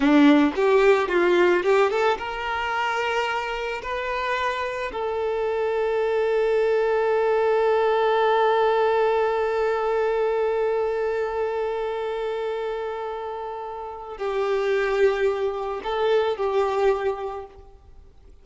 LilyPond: \new Staff \with { instrumentName = "violin" } { \time 4/4 \tempo 4 = 110 d'4 g'4 f'4 g'8 a'8 | ais'2. b'4~ | b'4 a'2.~ | a'1~ |
a'1~ | a'1~ | a'2 g'2~ | g'4 a'4 g'2 | }